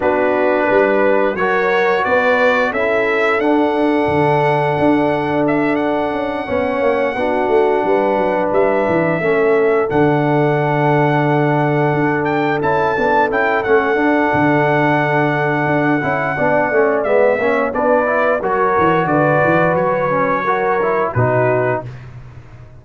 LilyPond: <<
  \new Staff \with { instrumentName = "trumpet" } { \time 4/4 \tempo 4 = 88 b'2 cis''4 d''4 | e''4 fis''2. | e''8 fis''2.~ fis''8~ | fis''8 e''2 fis''4.~ |
fis''2 g''8 a''4 g''8 | fis''1~ | fis''4 e''4 d''4 cis''4 | d''4 cis''2 b'4 | }
  \new Staff \with { instrumentName = "horn" } { \time 4/4 fis'4 b'4 ais'4 b'4 | a'1~ | a'4. cis''4 fis'4 b'8~ | b'4. a'2~ a'8~ |
a'1~ | a'1 | d''4. cis''8 b'4 ais'4 | b'2 ais'4 fis'4 | }
  \new Staff \with { instrumentName = "trombone" } { \time 4/4 d'2 fis'2 | e'4 d'2.~ | d'4. cis'4 d'4.~ | d'4. cis'4 d'4.~ |
d'2~ d'8 e'8 d'8 e'8 | cis'8 d'2. e'8 | d'8 cis'8 b8 cis'8 d'8 e'8 fis'4~ | fis'4. cis'8 fis'8 e'8 dis'4 | }
  \new Staff \with { instrumentName = "tuba" } { \time 4/4 b4 g4 fis4 b4 | cis'4 d'4 d4 d'4~ | d'4 cis'8 b8 ais8 b8 a8 g8 | fis8 g8 e8 a4 d4.~ |
d4. d'4 cis'8 b8 cis'8 | a8 d'8 d2 d'8 cis'8 | b8 a8 gis8 ais8 b4 fis8 e8 | d8 e8 fis2 b,4 | }
>>